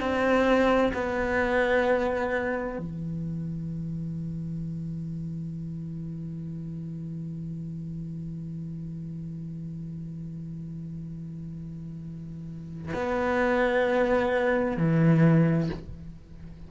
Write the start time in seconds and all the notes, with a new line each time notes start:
0.00 C4
0.94 B3
2.78 E3
12.94 B3
14.77 E3